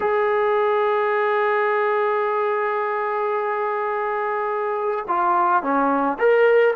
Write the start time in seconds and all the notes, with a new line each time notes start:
0.00 G#4
5.08 F4
5.62 C#4
6.19 A#4